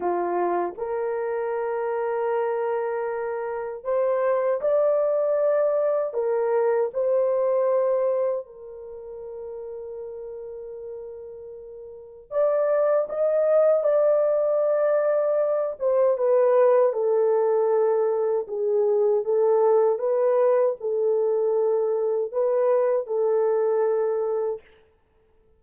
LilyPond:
\new Staff \with { instrumentName = "horn" } { \time 4/4 \tempo 4 = 78 f'4 ais'2.~ | ais'4 c''4 d''2 | ais'4 c''2 ais'4~ | ais'1 |
d''4 dis''4 d''2~ | d''8 c''8 b'4 a'2 | gis'4 a'4 b'4 a'4~ | a'4 b'4 a'2 | }